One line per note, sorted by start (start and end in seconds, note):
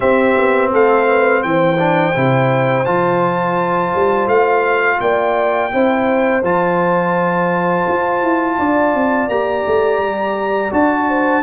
0.00 1.77 C4
0.00 0.37 C4
0.00 0.71 G4
0.00 0.70 E5
0.37 0.73 B3
0.72 1.44 A3
0.72 1.07 A4
0.72 1.43 F5
1.08 1.42 B4
1.42 2.15 E3
1.42 4.99 C5
1.42 2.85 G5
1.78 2.14 D4
2.15 2.87 C3
2.15 2.85 E4
2.85 3.94 F3
2.85 5.70 F4
2.85 4.28 A5
3.94 4.27 G3
4.27 4.98 A3
4.27 5.00 F5
5.00 5.72 A#3
5.00 5.73 D5
5.00 6.43 G5
5.71 6.42 C4
5.71 6.42 E4
5.71 8.57 C5
6.42 7.85 F3
6.42 9.29 F4
6.42 9.29 A5
7.87 8.22 F4
8.22 8.57 E4
8.57 8.94 D4
8.57 11.07 D5
8.94 9.28 C4
9.28 9.64 A#3
9.28 10.71 G4
9.28 10.72 A#5
9.66 9.98 A3
9.98 10.70 G3
10.71 11.43 D4
10.71 11.42 F#4
10.71 11.43 A5
11.08 11.43 C5